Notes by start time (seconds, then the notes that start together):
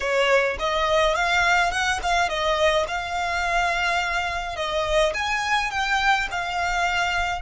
0.00 C#5
0.59 D#5
1.15 F5
1.71 F#5
2.03 F5
2.29 D#5
2.87 F5
4.56 D#5
5.14 G#5
5.70 G5
6.31 F5